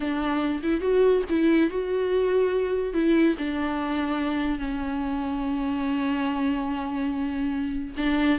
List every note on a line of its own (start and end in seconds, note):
0.00 0.61 D4
0.62 0.80 E4
0.80 1.22 F#4
1.29 1.69 E4
1.69 2.93 F#4
2.93 3.35 E4
3.38 4.58 D4
4.58 7.94 C#4
7.97 8.39 D4